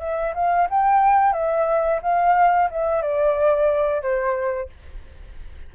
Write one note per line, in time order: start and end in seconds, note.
0.00 0.34 E5
0.35 0.68 F5
0.70 1.33 G5
1.33 2.00 E5
2.02 2.70 F5
2.71 3.02 E5
3.02 4.02 D5
4.02 4.69 C5